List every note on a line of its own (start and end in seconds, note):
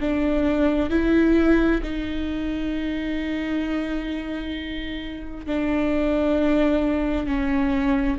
0.00 0.90 D4
0.90 1.81 E4
1.83 5.46 D#4
5.46 7.26 D4
7.26 8.17 C#4